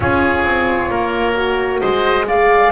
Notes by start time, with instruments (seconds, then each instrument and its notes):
0.00 double bass C#4, horn F4, oboe G#4, flute C#5
0.44 double bass C4
0.90 double bass A#3, oboe A#4
1.35 horn F#4
1.80 double bass G#3, oboe C5, flute D#5
2.27 horn G#4, oboe D5, flute F5